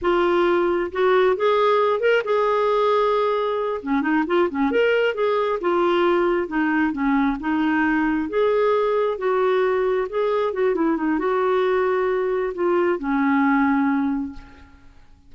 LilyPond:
\new Staff \with { instrumentName = "clarinet" } { \time 4/4 \tempo 4 = 134 f'2 fis'4 gis'4~ | gis'8 ais'8 gis'2.~ | gis'8 cis'8 dis'8 f'8 cis'8 ais'4 gis'8~ | gis'8 f'2 dis'4 cis'8~ |
cis'8 dis'2 gis'4.~ | gis'8 fis'2 gis'4 fis'8 | e'8 dis'8 fis'2. | f'4 cis'2. | }